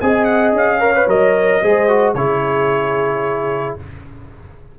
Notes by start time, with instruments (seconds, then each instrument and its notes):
0.00 tuba C4, trombone G#4, horn D#5, trumpet G#5
0.24 trumpet F#5
0.53 tuba C#4, trumpet F5
0.80 trombone A#4, horn C#5
0.95 trombone B4
1.07 tuba F#3, trombone A#4, trumpet D#5
1.62 tuba G#3, trombone G#4, horn C5
1.88 trombone F#4
2.14 tuba C#3, trombone E4, horn G#4, trumpet C#5